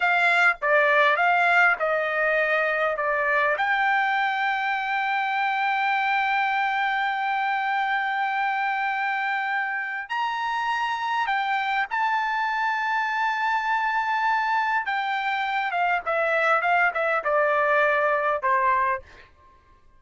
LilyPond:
\new Staff \with { instrumentName = "trumpet" } { \time 4/4 \tempo 4 = 101 f''4 d''4 f''4 dis''4~ | dis''4 d''4 g''2~ | g''1~ | g''1~ |
g''4 ais''2 g''4 | a''1~ | a''4 g''4. f''8 e''4 | f''8 e''8 d''2 c''4 | }